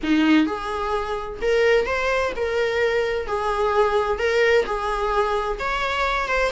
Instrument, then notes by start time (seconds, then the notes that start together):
viola
0.03 D#4
0.46 G#4
1.41 A#4
1.86 C5
2.36 A#4
3.27 G#4
4.18 A#4
4.65 G#4
5.59 C#5
6.27 C5